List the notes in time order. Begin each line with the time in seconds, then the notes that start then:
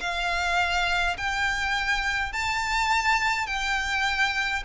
0.00 F5
1.17 G5
2.32 A5
3.46 G5